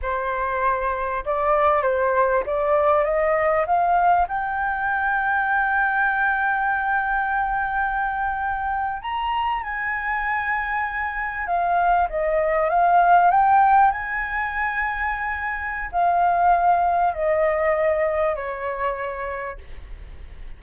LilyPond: \new Staff \with { instrumentName = "flute" } { \time 4/4 \tempo 4 = 98 c''2 d''4 c''4 | d''4 dis''4 f''4 g''4~ | g''1~ | g''2~ g''8. ais''4 gis''16~ |
gis''2~ gis''8. f''4 dis''16~ | dis''8. f''4 g''4 gis''4~ gis''16~ | gis''2 f''2 | dis''2 cis''2 | }